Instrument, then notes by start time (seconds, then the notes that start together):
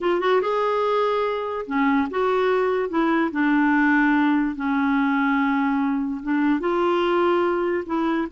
clarinet
0.00 F4
0.20 F#4
0.41 G#4
1.66 C#4
2.10 F#4
2.89 E4
3.31 D4
4.55 C#4
6.22 D4
6.59 F4
7.86 E4